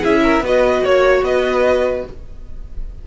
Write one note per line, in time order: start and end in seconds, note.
0.00 0.40 C#4
0.00 0.43 E4
0.00 0.20 G#4
0.00 0.45 E5
0.23 0.43 A#4
0.40 0.80 B3
0.40 2.06 F#4
0.40 0.83 B4
0.40 0.85 D#5
0.83 1.22 A#3
0.83 1.24 C#5
1.22 2.03 B3
1.22 2.07 B4
1.22 2.05 D#5